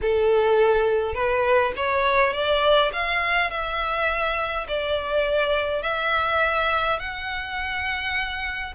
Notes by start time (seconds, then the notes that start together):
0.01 A4
1.14 B4
1.76 C#5
2.33 D5
2.92 F5
3.50 E5
4.68 D5
5.82 E5
6.99 F#5